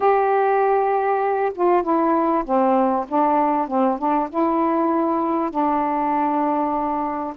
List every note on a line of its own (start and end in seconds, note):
0.00 1.52 G4
1.54 1.82 F4
1.82 2.44 E4
2.44 3.06 C4
3.08 3.67 D4
3.67 3.98 C4
3.98 4.29 D4
4.29 5.50 E4
5.50 7.34 D4